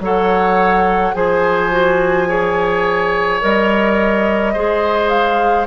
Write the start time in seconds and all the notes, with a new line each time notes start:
0.00 F#3 A4 C#5 F#5
1.14 F3 G#4 C5 G#5
1.71 F#4
2.28 G#4 C#5
3.41 G3 A#4 D#5
4.53 G#3 G#4 C5
5.09 F5